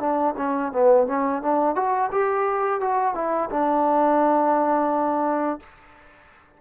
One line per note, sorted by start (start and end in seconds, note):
0.00 0.35 D4
0.37 0.72 C#4
0.72 1.07 B3
1.07 1.42 C#4
1.42 1.75 D4
1.75 2.10 F#4
2.12 2.81 G4
2.81 3.15 F#4
3.15 3.49 E4
3.50 5.60 D4